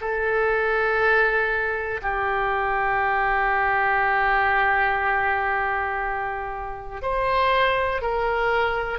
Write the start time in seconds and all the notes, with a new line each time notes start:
0.00 A4
2.01 G4
7.01 C5
8.01 A#4